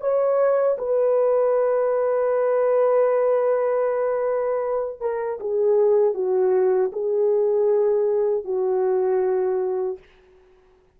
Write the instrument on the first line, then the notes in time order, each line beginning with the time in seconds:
horn
0.00 C#5
0.78 B4
5.00 A#4
5.40 G#4
6.14 F#4
6.92 G#4
8.44 F#4